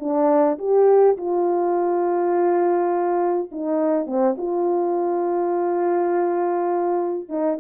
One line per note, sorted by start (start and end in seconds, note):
0.00 0.58 D4
0.59 1.17 G4
1.18 3.51 F4
3.52 4.07 D#4
4.07 4.36 C4
4.38 7.29 F4
7.29 7.58 D#4